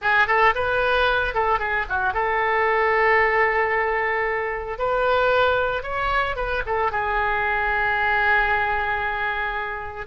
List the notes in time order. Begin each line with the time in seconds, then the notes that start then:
0.01 G#4
0.27 A4
0.55 B4
1.34 A4
1.59 G#4
1.88 F#4
2.13 A4
4.78 B4
5.83 C#5
6.36 B4
6.66 A4
6.91 G#4